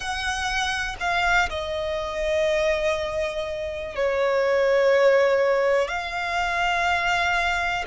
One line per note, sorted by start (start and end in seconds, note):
0.00 0.96 F#5
1.00 1.49 F5
1.49 3.95 D#5
3.95 5.87 C#5
5.87 7.84 F5